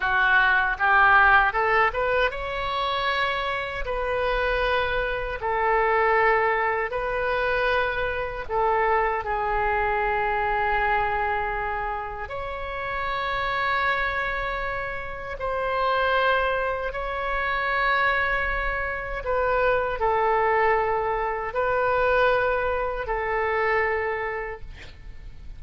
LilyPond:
\new Staff \with { instrumentName = "oboe" } { \time 4/4 \tempo 4 = 78 fis'4 g'4 a'8 b'8 cis''4~ | cis''4 b'2 a'4~ | a'4 b'2 a'4 | gis'1 |
cis''1 | c''2 cis''2~ | cis''4 b'4 a'2 | b'2 a'2 | }